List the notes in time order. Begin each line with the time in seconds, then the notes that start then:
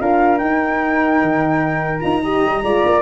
0.00 D4 F4 A#4 F5
0.39 D#4 G5
1.22 D#3
2.00 D#4 F4 A#5
2.23 G4 D#5
2.45 G3
2.63 G#3 F4 D5
2.86 A#3